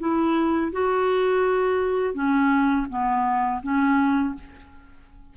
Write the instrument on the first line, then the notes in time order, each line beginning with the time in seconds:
clarinet
0.00 E4
0.73 F#4
2.15 C#4
2.90 B3
3.63 C#4